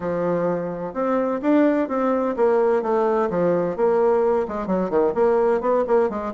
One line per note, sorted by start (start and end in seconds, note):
0.00 0.93 F3
0.93 1.40 C4
1.41 1.88 D4
1.88 2.35 C4
2.36 2.82 A#3
2.82 3.29 A3
3.30 3.76 F3
3.76 4.46 A#3
4.48 4.66 G#3
4.66 4.90 F#3
4.90 5.13 D#3
5.14 5.60 A#3
5.60 5.84 B3
5.87 6.09 A#3
6.09 6.33 G#3